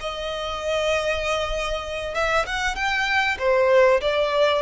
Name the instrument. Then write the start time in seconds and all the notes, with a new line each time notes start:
violin
0.00 D#5
2.15 E5
2.46 F#5
2.76 G5
3.39 C5
4.01 D5